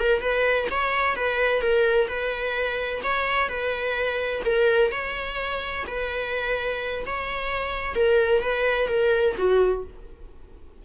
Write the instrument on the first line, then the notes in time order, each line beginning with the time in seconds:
viola
0.00 A#4
0.22 B4
0.71 C#5
1.16 B4
1.62 A#4
2.08 B4
3.04 C#5
3.49 B4
4.45 A#4
4.92 C#5
5.87 B4
7.06 C#5
7.95 A#4
8.42 B4
8.89 A#4
9.37 F#4